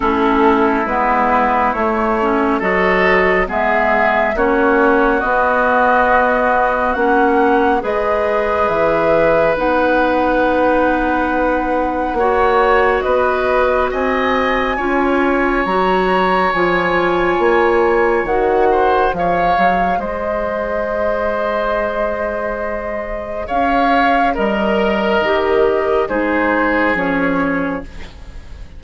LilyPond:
<<
  \new Staff \with { instrumentName = "flute" } { \time 4/4 \tempo 4 = 69 a'4 b'4 cis''4 dis''4 | e''4 cis''4 dis''2 | fis''4 dis''4 e''4 fis''4~ | fis''2. dis''4 |
gis''2 ais''4 gis''4~ | gis''4 fis''4 f''4 dis''4~ | dis''2. f''4 | dis''2 c''4 cis''4 | }
  \new Staff \with { instrumentName = "oboe" } { \time 4/4 e'2. a'4 | gis'4 fis'2.~ | fis'4 b'2.~ | b'2 cis''4 b'4 |
dis''4 cis''2.~ | cis''4. c''8 cis''4 c''4~ | c''2. cis''4 | ais'2 gis'2 | }
  \new Staff \with { instrumentName = "clarinet" } { \time 4/4 cis'4 b4 a8 cis'8 fis'4 | b4 cis'4 b2 | cis'4 gis'2 dis'4~ | dis'2 fis'2~ |
fis'4 f'4 fis'4 f'4~ | f'4 fis'4 gis'2~ | gis'1 | ais'4 g'4 dis'4 cis'4 | }
  \new Staff \with { instrumentName = "bassoon" } { \time 4/4 a4 gis4 a4 fis4 | gis4 ais4 b2 | ais4 gis4 e4 b4~ | b2 ais4 b4 |
c'4 cis'4 fis4 f4 | ais4 dis4 f8 fis8 gis4~ | gis2. cis'4 | g4 dis4 gis4 f4 | }
>>